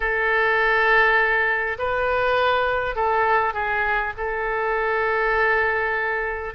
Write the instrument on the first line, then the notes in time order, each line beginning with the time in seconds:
oboe
0.00 A4
1.78 B4
2.95 A4
3.53 G#4
4.17 A4